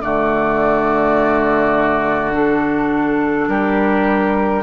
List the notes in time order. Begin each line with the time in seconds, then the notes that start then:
0.00 D3 A3 F#4 D5
2.32 D4 A4
3.48 G3 G4 A#4